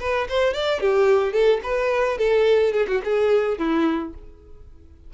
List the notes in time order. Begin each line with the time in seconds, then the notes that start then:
0.00 B4
0.29 C5
0.54 D5
0.80 G4
1.33 A4
1.63 B4
2.18 A4
2.73 G#4
2.88 F#4
3.05 G#4
3.58 E4